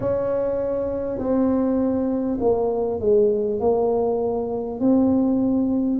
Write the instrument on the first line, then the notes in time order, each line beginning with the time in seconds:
tuba
0.00 C#4
1.18 C4
2.40 A#3
3.00 G#3
3.59 A#3
4.80 C4